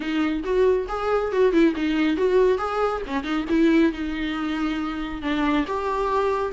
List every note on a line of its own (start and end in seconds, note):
0.00 0.43 D#4
0.43 0.87 F#4
0.88 1.31 G#4
1.32 1.52 F#4
1.52 1.74 E4
1.75 2.17 D#4
2.17 2.58 F#4
2.58 3.01 G#4
3.06 3.23 C#4
3.23 3.45 D#4
3.49 3.92 E4
3.92 5.22 D#4
5.22 5.65 D4
5.67 6.52 G4